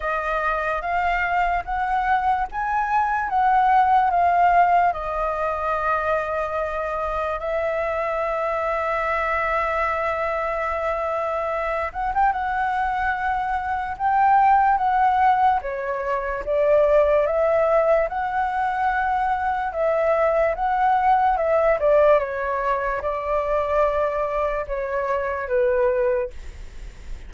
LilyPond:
\new Staff \with { instrumentName = "flute" } { \time 4/4 \tempo 4 = 73 dis''4 f''4 fis''4 gis''4 | fis''4 f''4 dis''2~ | dis''4 e''2.~ | e''2~ e''8 fis''16 g''16 fis''4~ |
fis''4 g''4 fis''4 cis''4 | d''4 e''4 fis''2 | e''4 fis''4 e''8 d''8 cis''4 | d''2 cis''4 b'4 | }